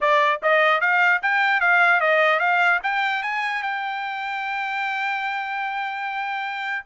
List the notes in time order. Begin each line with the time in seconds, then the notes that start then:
0.00 D5
0.42 D#5
0.80 F5
1.22 G5
1.60 F5
2.00 D#5
2.39 F5
2.83 G5
3.22 G#5
3.63 G5